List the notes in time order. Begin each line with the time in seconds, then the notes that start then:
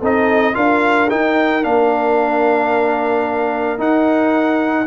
0.00 C4 D#4 A4 D#5
0.53 D4 F4 A#4 F5
1.10 D#4 G5
1.62 A#3 D4 F5
3.78 D#4 F#5